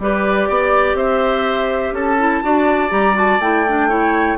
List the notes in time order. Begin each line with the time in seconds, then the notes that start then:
0.00 G3 G4 B4 D5
0.49 B3 D5
0.95 C4 C5 E5
1.92 C#4 A4 A5
2.19 E4
2.43 D4 F#4 D5
2.90 G3 G4 A#5
3.14 F#4 A5
3.40 A3 E4 G5
3.69 D4
3.89 E4 C#5